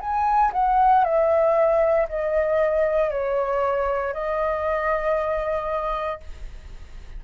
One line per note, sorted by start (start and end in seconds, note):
0.00 0.52 G#5
0.53 1.04 F#5
1.04 2.07 E5
2.08 3.10 D#5
3.10 4.13 C#5
4.13 6.20 D#5